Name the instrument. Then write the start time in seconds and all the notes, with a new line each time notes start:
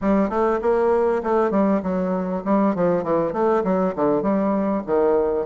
bassoon
0.01 G3
0.29 A3
0.61 A#3
1.23 A3
1.50 G3
1.82 F#3
2.44 G3
2.75 F3
3.03 E3
3.33 A3
3.64 F#3
3.95 D3
4.22 G3
4.86 D#3